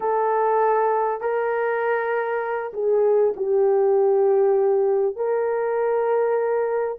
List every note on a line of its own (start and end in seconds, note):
0.00 1.20 A4
1.20 2.72 A#4
2.73 3.34 G#4
3.36 5.16 G4
5.16 6.98 A#4